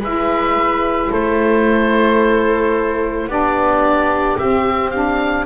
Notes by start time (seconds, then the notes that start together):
0.00 G#3 E4 B4 E5
1.10 A3 A4 C5
3.27 B3 D4 G4 D5
4.38 C4 E5
4.90 D4 F5